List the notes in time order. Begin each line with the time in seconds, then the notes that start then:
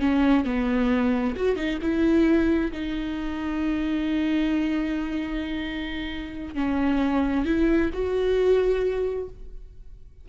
0.00 C#4
0.45 B3
1.36 F#4
1.56 D#4
1.82 E4
2.72 D#4
6.55 C#4
7.45 E4
7.93 F#4